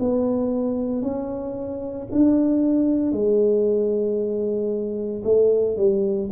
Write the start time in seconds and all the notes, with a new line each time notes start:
0.00 B3
1.02 C#4
2.11 D4
3.12 G#3
5.24 A3
5.77 G3